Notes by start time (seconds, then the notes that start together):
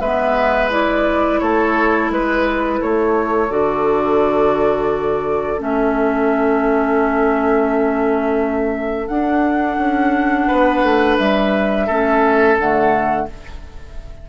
0.00 G#3 B3 B4 E5
0.70 E4 D5
1.39 A3 A4 C#5
2.10 G#3 B4
2.79 A3 A4 C#5
3.49 D3 F#4 D5
5.57 A3 C#4 E5
9.07 D4 F#5
9.77 C#4
10.47 B3 B4
10.82 A3
11.18 G3 E5
11.86 A3 C#4 A4
12.57 D3 A3 F#5